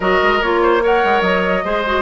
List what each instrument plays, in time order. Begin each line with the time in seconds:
0.00 bassoon F#3, clarinet F#4, oboe A#4, flute D#5
0.22 bassoon G#3
0.41 bassoon A#3, clarinet F4, flute C#5
0.62 oboe C5
0.81 clarinet A#4, oboe C#5, flute F#5
1.04 bassoon G#3
1.21 bassoon F#3, flute D#5
1.64 bassoon G#3, clarinet G#4, oboe C5
1.86 clarinet F#4